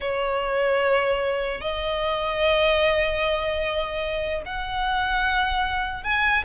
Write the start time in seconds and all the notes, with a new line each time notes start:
0.00 C#5
1.60 D#5
4.45 F#5
6.03 G#5